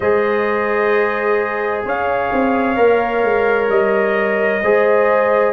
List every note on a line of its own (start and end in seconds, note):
0.00 1.84 G#3
0.00 2.76 G#4
0.00 1.85 C5
0.00 1.84 D#5
1.85 2.31 C#4
1.85 4.62 C#5
1.85 3.69 F5
2.32 2.77 C4
2.76 3.23 A#3
2.76 4.60 A#4
3.23 3.69 G#3
3.69 4.61 G3
3.69 5.52 D#5
4.62 5.52 G#3
4.62 5.52 G#4
4.62 5.52 C5